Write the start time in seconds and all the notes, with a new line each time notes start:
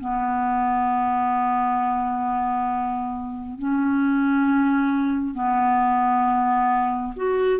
0.00 B3
3.59 C#4
5.34 B3
7.16 F#4